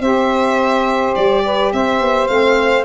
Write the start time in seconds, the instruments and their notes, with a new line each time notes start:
0.00 tuba C4, saxophone G4 C5, violin E5
1.15 tuba G3, violin D5
1.45 saxophone B4
1.73 tuba C4, saxophone C5, violin E5
2.01 tuba B3
2.27 tuba A3, saxophone C4, violin F5